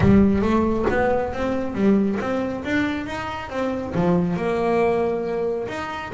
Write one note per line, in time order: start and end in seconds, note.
0.00 0.41 G3
0.41 0.85 A3
0.90 1.33 B3
1.33 1.74 C4
1.74 2.18 G3
2.20 2.64 C4
2.64 3.06 D4
3.06 3.49 D#4
3.49 3.93 C4
3.95 4.36 F3
4.36 5.67 A#3
5.68 6.11 D#4